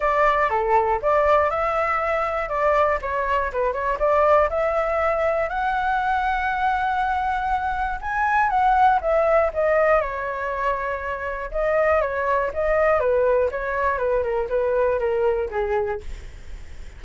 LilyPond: \new Staff \with { instrumentName = "flute" } { \time 4/4 \tempo 4 = 120 d''4 a'4 d''4 e''4~ | e''4 d''4 cis''4 b'8 cis''8 | d''4 e''2 fis''4~ | fis''1 |
gis''4 fis''4 e''4 dis''4 | cis''2. dis''4 | cis''4 dis''4 b'4 cis''4 | b'8 ais'8 b'4 ais'4 gis'4 | }